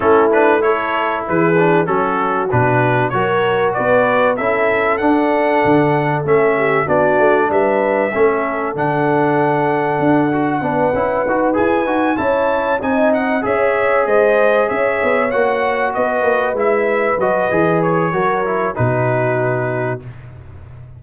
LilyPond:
<<
  \new Staff \with { instrumentName = "trumpet" } { \time 4/4 \tempo 4 = 96 a'8 b'8 cis''4 b'4 a'4 | b'4 cis''4 d''4 e''4 | fis''2 e''4 d''4 | e''2 fis''2~ |
fis''2~ fis''8 gis''4 a''8~ | a''8 gis''8 fis''8 e''4 dis''4 e''8~ | e''8 fis''4 dis''4 e''4 dis''8~ | dis''8 cis''4. b'2 | }
  \new Staff \with { instrumentName = "horn" } { \time 4/4 e'4 a'4 gis'4 fis'4~ | fis'4 ais'4 b'4 a'4~ | a'2~ a'8 g'8 fis'4 | b'4 a'2.~ |
a'4 b'2~ b'8 cis''8~ | cis''8 dis''4 cis''4 c''4 cis''8~ | cis''4. b'2~ b'8~ | b'4 ais'4 fis'2 | }
  \new Staff \with { instrumentName = "trombone" } { \time 4/4 cis'8 d'8 e'4. d'8 cis'4 | d'4 fis'2 e'4 | d'2 cis'4 d'4~ | d'4 cis'4 d'2~ |
d'8 fis'8 d'8 e'8 fis'8 gis'8 fis'8 e'8~ | e'8 dis'4 gis'2~ gis'8~ | gis'8 fis'2 e'4 fis'8 | gis'4 fis'8 e'8 dis'2 | }
  \new Staff \with { instrumentName = "tuba" } { \time 4/4 a2 e4 fis4 | b,4 fis4 b4 cis'4 | d'4 d4 a4 b8 a8 | g4 a4 d2 |
d'4 b8 cis'8 dis'8 e'8 dis'8 cis'8~ | cis'8 c'4 cis'4 gis4 cis'8 | b8 ais4 b8 ais8 gis4 fis8 | e4 fis4 b,2 | }
>>